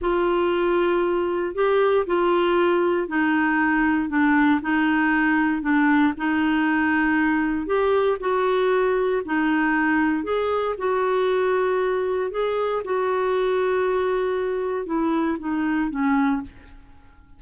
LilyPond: \new Staff \with { instrumentName = "clarinet" } { \time 4/4 \tempo 4 = 117 f'2. g'4 | f'2 dis'2 | d'4 dis'2 d'4 | dis'2. g'4 |
fis'2 dis'2 | gis'4 fis'2. | gis'4 fis'2.~ | fis'4 e'4 dis'4 cis'4 | }